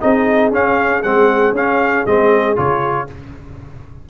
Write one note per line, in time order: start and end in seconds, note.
0.00 0.51 C4
0.00 0.51 D#4
0.00 3.08 G#4
0.00 0.51 D#5
0.51 1.02 C#4
0.51 1.03 C#4
0.51 1.02 F5
1.02 1.51 G#3
1.02 1.55 C4
1.02 1.54 F#5
1.51 2.03 C#4
1.51 2.07 C#4
1.51 2.06 F5
2.06 2.57 G#3
2.06 2.55 C4
2.06 2.57 D#5
2.55 3.09 C#3
2.55 3.07 F4
2.55 3.09 C#5